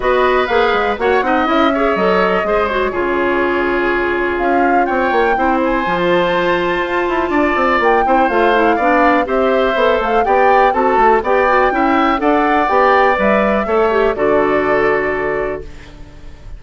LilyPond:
<<
  \new Staff \with { instrumentName = "flute" } { \time 4/4 \tempo 4 = 123 dis''4 f''4 fis''4 e''4 | dis''4. cis''2~ cis''8~ | cis''4 f''4 g''4. gis''8~ | gis''16 a''2.~ a''8. |
g''4 f''2 e''4~ | e''8 f''8 g''4 a''4 g''4~ | g''4 fis''4 g''4 e''4~ | e''4 d''2. | }
  \new Staff \with { instrumentName = "oboe" } { \time 4/4 b'2 cis''8 dis''4 cis''8~ | cis''4 c''4 gis'2~ | gis'2 cis''4 c''4~ | c''2. d''4~ |
d''8 c''4. d''4 c''4~ | c''4 d''4 a'4 d''4 | e''4 d''2. | cis''4 a'2. | }
  \new Staff \with { instrumentName = "clarinet" } { \time 4/4 fis'4 gis'4 fis'8 dis'8 e'8 gis'8 | a'4 gis'8 fis'8 f'2~ | f'2. e'4 | f'1~ |
f'8 e'8 f'8 e'8 d'4 g'4 | a'4 g'4 fis'4 g'8 fis'8 | e'4 a'4 g'4 b'4 | a'8 g'8 fis'2. | }
  \new Staff \with { instrumentName = "bassoon" } { \time 4/4 b4 ais8 gis8 ais8 c'8 cis'4 | fis4 gis4 cis2~ | cis4 cis'4 c'8 ais8 c'4 | f2 f'8 e'8 d'8 c'8 |
ais8 c'8 a4 b4 c'4 | b8 a8 b4 c'8 a8 b4 | cis'4 d'4 b4 g4 | a4 d2. | }
>>